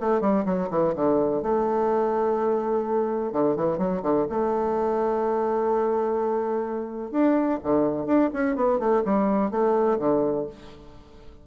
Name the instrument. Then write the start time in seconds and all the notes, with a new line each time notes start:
bassoon
0.00 A3
0.21 G3
0.45 F#3
0.70 E3
0.95 D3
1.42 A3
3.32 D3
3.55 E3
3.78 F#3
4.02 D3
4.29 A3
7.11 D4
7.63 D3
8.06 D4
8.33 C#4
8.55 B3
8.79 A3
9.04 G3
9.51 A3
9.98 D3